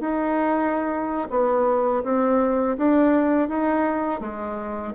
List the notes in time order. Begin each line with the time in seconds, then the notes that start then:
0.00 D#4
1.30 B3
2.04 C4
2.77 D4
3.49 D#4
4.20 G#3